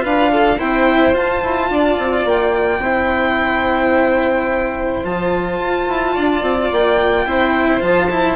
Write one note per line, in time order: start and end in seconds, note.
0.00 0.60 D4
0.00 0.56 F4
0.00 0.31 B4
0.00 0.60 F5
0.32 0.58 A4
0.58 1.13 C4
0.58 1.13 E4
0.58 1.69 C5
0.58 1.15 G5
1.13 2.80 F4
1.13 1.41 F4
1.13 2.28 A5
1.43 1.70 E4
1.70 1.98 D4
1.70 2.83 D5
1.98 2.25 C4
2.25 2.80 A#3
2.25 5.05 G5
2.80 5.02 C4
2.80 5.04 E4
2.80 6.14 C5
5.04 5.59 F3
5.04 7.26 F4
5.04 6.71 A5
5.59 5.87 F4
5.87 6.15 E4
6.14 6.42 D4
6.14 7.25 D5
6.42 6.70 C4
6.71 7.25 A#3
6.71 7.82 G5
7.25 7.81 C4
7.25 7.80 E4
7.25 8.36 C5
7.80 8.36 F3
7.80 8.08 F4
7.80 8.36 A5
8.10 8.36 E4